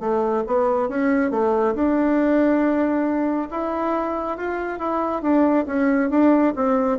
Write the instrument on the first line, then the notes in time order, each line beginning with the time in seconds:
bassoon
0.00 A3
0.47 B3
0.89 C#4
1.31 A3
1.74 D4
3.51 E4
4.37 F4
4.79 E4
5.22 D4
5.66 C#4
6.10 D4
6.55 C4